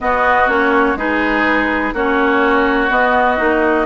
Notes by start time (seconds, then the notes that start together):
0.00 B3 F#4 D#5
0.48 A#3 C#4 C#5
0.95 G#3 D#4 G#4 B4
1.93 A#3 C#4 F#4 C#5
2.89 B3 D#5
3.37 A#3 D#4